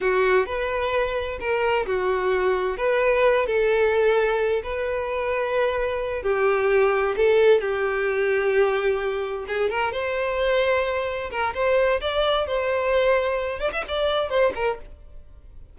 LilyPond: \new Staff \with { instrumentName = "violin" } { \time 4/4 \tempo 4 = 130 fis'4 b'2 ais'4 | fis'2 b'4. a'8~ | a'2 b'2~ | b'4. g'2 a'8~ |
a'8 g'2.~ g'8~ | g'8 gis'8 ais'8 c''2~ c''8~ | c''8 ais'8 c''4 d''4 c''4~ | c''4. d''16 e''16 d''4 c''8 ais'8 | }